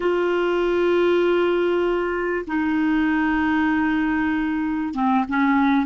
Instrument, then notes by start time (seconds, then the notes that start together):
clarinet
0.00 F4
2.47 D#4
4.93 C4
5.28 C#4